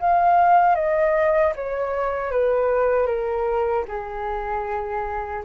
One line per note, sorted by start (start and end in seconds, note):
0.00 0.75 F5
0.75 1.53 D#5
1.56 2.32 C#5
2.32 3.07 B4
3.07 3.85 A#4
3.88 5.44 G#4